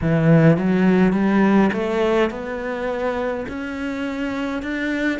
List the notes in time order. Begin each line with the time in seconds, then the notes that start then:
0.01 E3
0.57 F#3
1.13 G3
1.73 A3
2.30 B3
3.48 C#4
4.62 D4